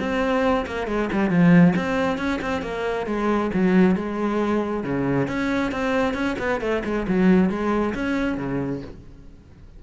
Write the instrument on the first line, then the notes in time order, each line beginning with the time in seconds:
cello
0.00 C4
0.67 A#3
0.88 G#3
1.13 G3
1.30 F3
1.76 C4
2.19 C#4
2.42 C4
2.62 A#3
3.07 G#3
3.54 F#3
3.96 G#3
4.84 C#3
5.28 C#4
5.72 C4
6.14 C#4
6.39 B3
6.61 A3
6.85 G#3
7.08 F#3
7.50 G#3
7.95 C#4
8.38 C#3